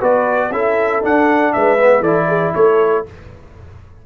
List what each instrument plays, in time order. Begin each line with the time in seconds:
0.00 tuba B3, trombone F#4, horn B4, trumpet D5
0.51 tuba C#4, trombone E4, horn A4, trumpet E5
1.02 trombone D4, tuba D4, trumpet F#5
1.53 tuba G#3, horn B4, trumpet E5
1.79 trombone B3
2.00 tuba E3, trombone E4, horn A4, trumpet D5
2.28 horn G#4
2.55 tuba A3, horn A4, trumpet C#5